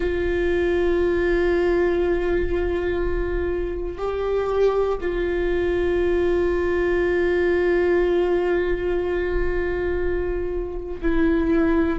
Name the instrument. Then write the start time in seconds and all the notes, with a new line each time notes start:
viola
0.00 F4
3.98 G4
5.00 F4
11.01 E4